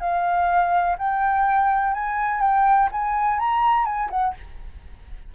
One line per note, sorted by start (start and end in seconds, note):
0.00 0.96 F5
0.98 1.94 G5
1.94 2.41 G#5
2.41 2.89 G5
2.92 3.39 G#5
3.39 3.85 A#5
3.85 4.09 G#5
4.10 4.34 F#5